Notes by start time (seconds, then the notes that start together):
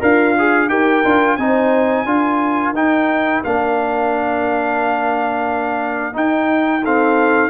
0.00 D4 F4 A#4 F5
0.38 G#4
0.69 D#4 G4 A#4 G5
1.04 D4 F4
1.36 C4 D#4 C5 G#5
2.05 D4 F4 A#4
2.73 D#4 G5
3.44 A#3 D4 F5
6.13 D#4 G5
6.83 C4 A4 F5